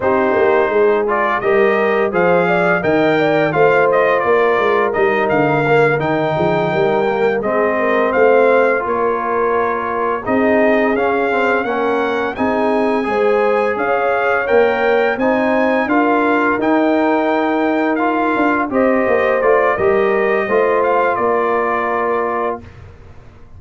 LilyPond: <<
  \new Staff \with { instrumentName = "trumpet" } { \time 4/4 \tempo 4 = 85 c''4. d''8 dis''4 f''4 | g''4 f''8 dis''8 d''4 dis''8 f''8~ | f''8 g''2 dis''4 f''8~ | f''8 cis''2 dis''4 f''8~ |
f''8 fis''4 gis''2 f''8~ | f''8 g''4 gis''4 f''4 g''8~ | g''4. f''4 dis''4 d''8 | dis''4. f''8 d''2 | }
  \new Staff \with { instrumentName = "horn" } { \time 4/4 g'4 gis'4 ais'4 c''8 d''8 | dis''8 d''8 c''4 ais'2~ | ais'4 gis'8 ais'4 gis'8 ais'8 c''8~ | c''8 ais'2 gis'4.~ |
gis'8 ais'4 gis'4 c''4 cis''8~ | cis''4. c''4 ais'4.~ | ais'2~ ais'8 c''4. | ais'4 c''4 ais'2 | }
  \new Staff \with { instrumentName = "trombone" } { \time 4/4 dis'4. f'8 g'4 gis'4 | ais'4 f'2 dis'4 | ais8 dis'4. ais8 c'4.~ | c'8 f'2 dis'4 cis'8 |
c'8 cis'4 dis'4 gis'4.~ | gis'8 ais'4 dis'4 f'4 dis'8~ | dis'4. f'4 g'4 f'8 | g'4 f'2. | }
  \new Staff \with { instrumentName = "tuba" } { \time 4/4 c'8 ais8 gis4 g4 f4 | dis4 a4 ais8 gis8 g8 d8~ | d8 dis8 f8 g4 gis4 a8~ | a8 ais2 c'4 cis'8~ |
cis'8 ais4 c'4 gis4 cis'8~ | cis'8 ais4 c'4 d'4 dis'8~ | dis'2 d'8 c'8 ais8 a8 | g4 a4 ais2 | }
>>